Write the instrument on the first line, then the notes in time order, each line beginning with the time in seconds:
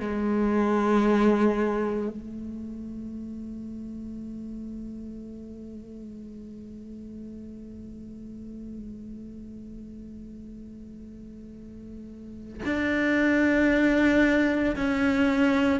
cello
0.00 G#3
2.09 A3
12.65 D4
14.76 C#4